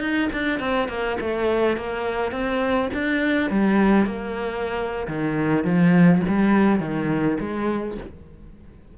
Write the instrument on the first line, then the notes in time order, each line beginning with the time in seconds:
cello
0.00 D#4
0.33 D4
0.60 C4
0.88 A#3
1.20 A3
1.76 A#3
2.32 C4
2.94 D4
3.50 G3
4.06 A#3
5.07 D#3
5.64 F3
6.28 G3
6.80 D#3
7.40 G#3